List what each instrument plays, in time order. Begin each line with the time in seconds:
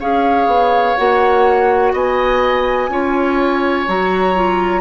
0.00 bassoon C#4, clarinet G#4, oboe C#5, flute F5
0.46 bassoon B3
0.96 bassoon A#3, clarinet F#4, flute F#5
1.93 bassoon B3, oboe D#5, flute G#5
2.88 bassoon C#4, clarinet F4, oboe C#5
3.87 bassoon F#3, clarinet F#4, flute A#5
4.35 clarinet F4